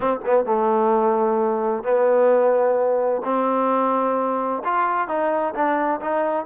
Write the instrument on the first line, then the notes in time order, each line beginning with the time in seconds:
trombone
0.00 C4
0.25 B3
0.45 A3
1.83 B3
3.24 C4
4.64 F4
5.08 D#4
5.54 D4
6.00 D#4